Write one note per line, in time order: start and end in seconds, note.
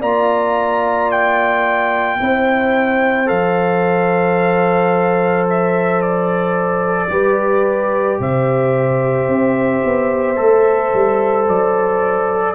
0.00 2.19 A#3
0.00 2.19 F4
0.00 2.18 D5
0.00 1.11 A#5
1.11 3.28 G5
2.19 3.30 C4
2.19 3.26 E4
2.19 7.11 C5
3.26 7.09 F3
3.26 7.08 A4
3.26 5.47 F5
5.50 6.02 E5
6.02 8.20 D5
7.09 8.18 G3
7.09 10.36 G4
7.09 8.20 B4
8.20 9.28 C3
8.20 12.55 C5
8.20 11.48 E5
9.28 9.82 C4
9.85 10.38 B3
10.36 10.93 A3
10.36 12.54 A4
10.94 11.48 G3
11.48 12.55 F#3
11.48 12.55 D5